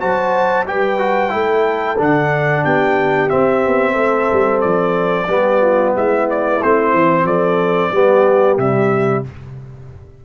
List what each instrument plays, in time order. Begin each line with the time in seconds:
0.00 tuba F#3, trombone F#4, horn C5, trumpet A5
0.67 tuba G3, trombone G4, horn B4, trumpet G5
0.99 trombone F#4
1.30 tuba A3, trombone E4, horn A4
1.98 tuba D3, trombone D4, trumpet F#5
2.64 tuba B3, horn G4, trumpet G5
3.29 trombone C4, tuba C4, trumpet E5
3.66 tuba B3
3.93 tuba A3, horn A4
4.33 tuba G3
4.61 tuba F3, trumpet D5
5.28 tuba G3, trombone B3, horn G4
5.61 horn F4
5.94 tuba G#3, horn E4, trumpet E5
6.30 trumpet D5
6.63 tuba A3, trombone C4, trumpet C5
6.94 tuba E3
7.24 tuba F3, horn A4, trumpet D5
7.92 tuba G3, trombone B3, horn G4
8.58 tuba C3, trombone G3, trumpet E5